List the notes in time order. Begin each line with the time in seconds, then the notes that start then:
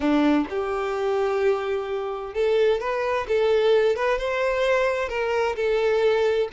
0.00 D4
0.49 G4
2.34 A4
2.80 B4
3.27 A4
3.95 B4
4.18 C5
5.08 A#4
5.55 A4